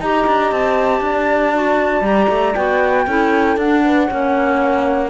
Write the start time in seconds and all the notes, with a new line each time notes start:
0.00 D#4 G4 D#5 A#5
0.27 D4
0.52 C4 A5
1.01 D4 D5
1.54 F#4
2.01 G3 G4 A#5
2.29 A3
2.56 B3 F#4 G5
3.07 C#4 E4 A4
3.57 D4 F#5
3.85 B4
4.08 A#3 C#4 C#5